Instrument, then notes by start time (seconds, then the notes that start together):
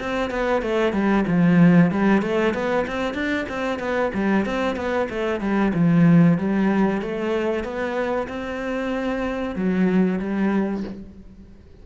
cello
0.00 C4
0.30 B3
0.62 A3
0.93 G3
1.27 F3
1.91 G3
2.22 A3
2.54 B3
2.87 C4
3.14 D4
3.49 C4
3.79 B3
4.14 G3
4.46 C4
4.76 B3
5.10 A3
5.41 G3
5.74 F3
6.38 G3
7.02 A3
7.64 B3
8.28 C4
9.55 F#3
10.20 G3